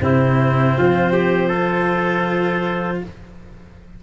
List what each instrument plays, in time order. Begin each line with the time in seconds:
0.00 tuba C3, cello C4, trumpet E4, clarinet C5
0.77 tuba F3, trumpet F4
1.12 trumpet G4
1.48 cello F4, trumpet A4